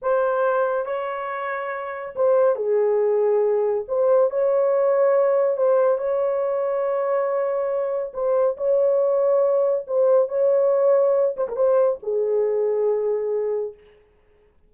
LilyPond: \new Staff \with { instrumentName = "horn" } { \time 4/4 \tempo 4 = 140 c''2 cis''2~ | cis''4 c''4 gis'2~ | gis'4 c''4 cis''2~ | cis''4 c''4 cis''2~ |
cis''2. c''4 | cis''2. c''4 | cis''2~ cis''8 c''16 ais'16 c''4 | gis'1 | }